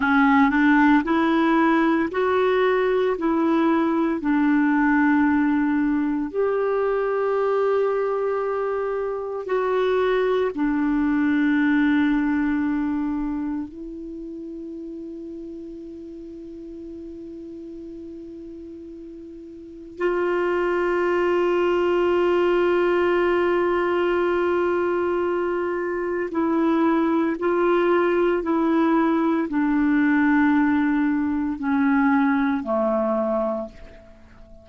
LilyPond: \new Staff \with { instrumentName = "clarinet" } { \time 4/4 \tempo 4 = 57 cis'8 d'8 e'4 fis'4 e'4 | d'2 g'2~ | g'4 fis'4 d'2~ | d'4 e'2.~ |
e'2. f'4~ | f'1~ | f'4 e'4 f'4 e'4 | d'2 cis'4 a4 | }